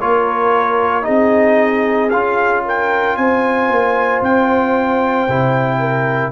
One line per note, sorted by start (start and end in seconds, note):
0.00 1.07 A#3
0.00 1.03 F4
0.00 1.05 A#4
0.00 1.05 C#5
1.03 2.12 C4
1.03 2.08 D#4
1.03 2.63 G#4
1.03 2.10 D#5
2.10 3.17 C#4
2.10 5.29 F4
2.10 2.63 F5
2.65 3.18 A#4
2.65 3.16 G5
3.16 3.69 C4
3.16 5.79 C5
3.16 4.22 G#5
3.69 4.21 A#3
4.22 5.27 C4
4.22 6.32 G5
5.28 6.32 C3
5.28 6.32 E4
5.79 6.32 A#4